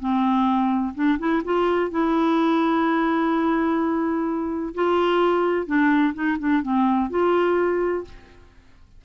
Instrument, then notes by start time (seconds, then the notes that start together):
clarinet
0.00 C4
0.95 D4
1.19 E4
1.45 F4
1.91 E4
4.75 F4
5.67 D4
6.14 D#4
6.39 D4
6.63 C4
7.10 F4